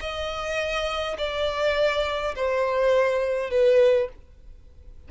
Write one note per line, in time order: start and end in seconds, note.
0.00 1.17 D#5
1.18 2.34 D5
2.35 3.50 C5
3.50 4.08 B4